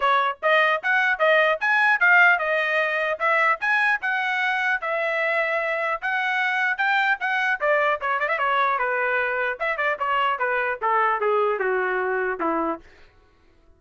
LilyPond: \new Staff \with { instrumentName = "trumpet" } { \time 4/4 \tempo 4 = 150 cis''4 dis''4 fis''4 dis''4 | gis''4 f''4 dis''2 | e''4 gis''4 fis''2 | e''2. fis''4~ |
fis''4 g''4 fis''4 d''4 | cis''8 d''16 e''16 cis''4 b'2 | e''8 d''8 cis''4 b'4 a'4 | gis'4 fis'2 e'4 | }